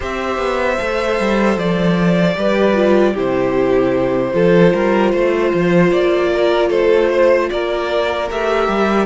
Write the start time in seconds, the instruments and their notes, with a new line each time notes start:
0.00 cello C4, viola G4, violin C5 E5
0.37 cello B3
0.77 cello A3, viola A4
1.19 cello G3
1.57 cello F3, violin D5
2.36 cello G3, viola G4, violin B4
2.74 viola F4
3.13 cello C3, viola E4, violin G4 C5
4.33 cello F3, viola F4, violin A4
4.73 cello G3, violin A#4
5.11 cello A3, violin C5
5.53 cello F3
5.91 cello A#3, violin D5
6.33 violin A#4
6.69 cello A3, violin A4 C5
7.10 violin C5
7.50 cello A#3, violin A#4 D5
8.30 cello A3, viola G4, violin E5
8.68 cello G3